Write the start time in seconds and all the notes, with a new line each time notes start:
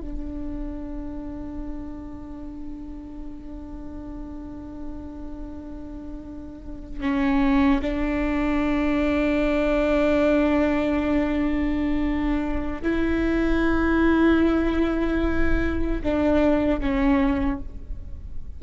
0.00 D4
7.00 C#4
7.81 D4
12.82 E4
16.03 D4
16.80 C#4